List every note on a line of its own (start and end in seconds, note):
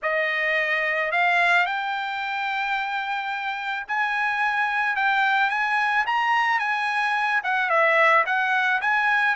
0.02 1.11 D#5
1.11 1.65 F5
1.65 3.86 G5
3.87 4.95 G#5
4.95 5.50 G5
5.50 6.05 G#5
6.06 6.59 A#5
6.59 7.41 G#5
7.43 7.69 F#5
7.69 8.24 E5
8.25 8.80 F#5
8.81 9.35 G#5